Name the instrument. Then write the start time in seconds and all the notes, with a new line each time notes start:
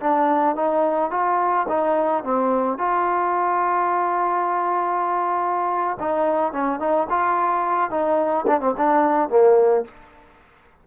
trombone
0.00 D4
0.56 D#4
1.11 F4
1.68 D#4
2.24 C4
2.78 F4
5.99 D#4
6.53 C#4
6.80 D#4
7.10 F4
7.90 D#4
8.47 D4
8.60 C4
8.77 D4
9.29 A#3